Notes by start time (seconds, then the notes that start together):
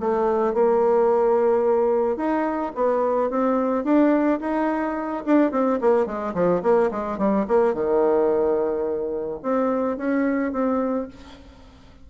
0.00 A3
0.54 A#3
2.16 D#4
2.75 B3
3.30 C4
3.84 D4
4.40 D#4
5.26 D4
5.52 C4
5.81 A#3
6.06 G#3
6.34 F3
6.62 A#3
6.91 G#3
7.18 G3
7.47 A#3
7.74 D#3
9.43 C4
9.97 C#4
10.52 C4